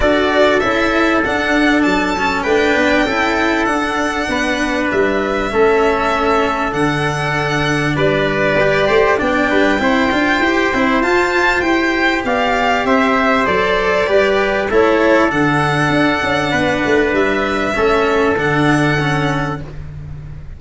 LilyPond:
<<
  \new Staff \with { instrumentName = "violin" } { \time 4/4 \tempo 4 = 98 d''4 e''4 fis''4 a''4 | g''2 fis''2 | e''2. fis''4~ | fis''4 d''2 g''4~ |
g''2 a''4 g''4 | f''4 e''4 d''2 | cis''4 fis''2. | e''2 fis''2 | }
  \new Staff \with { instrumentName = "trumpet" } { \time 4/4 a'1 | b'4 a'2 b'4~ | b'4 a'2.~ | a'4 b'4. c''8 d''8 b'8 |
c''1 | d''4 c''2 b'4 | a'2. b'4~ | b'4 a'2. | }
  \new Staff \with { instrumentName = "cello" } { \time 4/4 fis'4 e'4 d'4. cis'8 | d'4 e'4 d'2~ | d'4 cis'2 d'4~ | d'2 g'4 d'4 |
e'8 f'8 g'8 e'8 f'4 g'4~ | g'2 a'4 g'4 | e'4 d'2.~ | d'4 cis'4 d'4 cis'4 | }
  \new Staff \with { instrumentName = "tuba" } { \time 4/4 d'4 cis'4 d'4 fis4 | a8 b8 cis'4 d'4 b4 | g4 a2 d4~ | d4 g4. a8 b8 g8 |
c'8 d'8 e'8 c'8 f'4 e'4 | b4 c'4 fis4 g4 | a4 d4 d'8 cis'8 b8 a8 | g4 a4 d2 | }
>>